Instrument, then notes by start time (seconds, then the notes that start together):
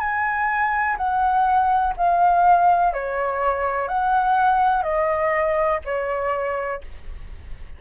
flute
0.00 G#5
0.98 F#5
1.98 F5
2.93 C#5
3.88 F#5
4.83 D#5
5.85 C#5